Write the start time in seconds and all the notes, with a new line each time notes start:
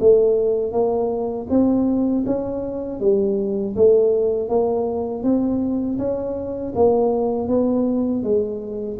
0.00 A3
0.72 A#3
1.49 C4
2.26 C#4
3.00 G3
3.76 A3
4.49 A#3
5.23 C4
5.98 C#4
6.75 A#3
7.48 B3
8.23 G#3